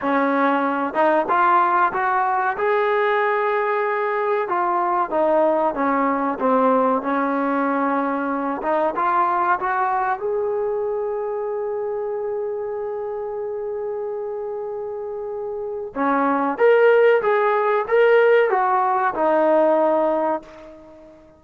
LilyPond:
\new Staff \with { instrumentName = "trombone" } { \time 4/4 \tempo 4 = 94 cis'4. dis'8 f'4 fis'4 | gis'2. f'4 | dis'4 cis'4 c'4 cis'4~ | cis'4. dis'8 f'4 fis'4 |
gis'1~ | gis'1~ | gis'4 cis'4 ais'4 gis'4 | ais'4 fis'4 dis'2 | }